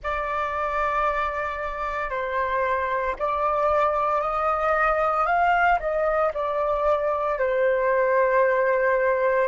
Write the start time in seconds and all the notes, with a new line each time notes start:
0.03 D5
2.10 C5
3.18 D5
4.21 D#5
5.26 F5
5.79 D#5
6.33 D5
7.39 C5